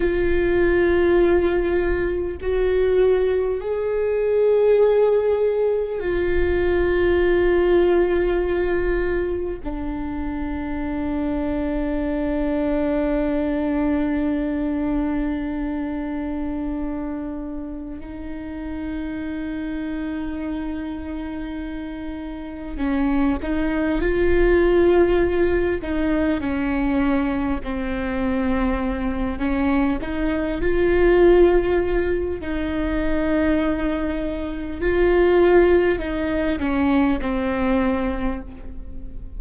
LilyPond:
\new Staff \with { instrumentName = "viola" } { \time 4/4 \tempo 4 = 50 f'2 fis'4 gis'4~ | gis'4 f'2. | d'1~ | d'2. dis'4~ |
dis'2. cis'8 dis'8 | f'4. dis'8 cis'4 c'4~ | c'8 cis'8 dis'8 f'4. dis'4~ | dis'4 f'4 dis'8 cis'8 c'4 | }